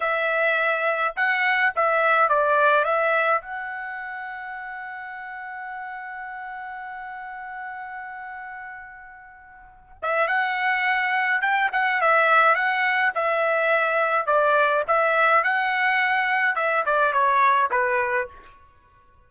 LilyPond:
\new Staff \with { instrumentName = "trumpet" } { \time 4/4 \tempo 4 = 105 e''2 fis''4 e''4 | d''4 e''4 fis''2~ | fis''1~ | fis''1~ |
fis''4. e''8 fis''2 | g''8 fis''8 e''4 fis''4 e''4~ | e''4 d''4 e''4 fis''4~ | fis''4 e''8 d''8 cis''4 b'4 | }